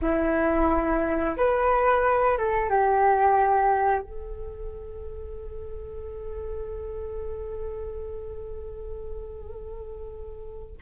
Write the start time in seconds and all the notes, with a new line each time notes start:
0.01 E4
1.36 B4
2.37 A4
2.69 G4
4.01 A4